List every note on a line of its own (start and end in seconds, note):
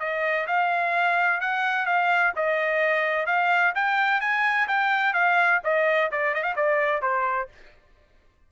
0.00 0.47 D#5
0.47 1.41 F5
1.41 1.86 F#5
1.86 2.33 F5
2.36 3.27 D#5
3.27 3.74 F5
3.76 4.21 G5
4.21 4.68 G#5
4.68 5.14 G5
5.14 5.61 F5
5.64 6.11 D#5
6.12 6.35 D5
6.35 6.43 D#5
6.43 6.55 F5
6.56 7.02 D5
7.02 7.49 C5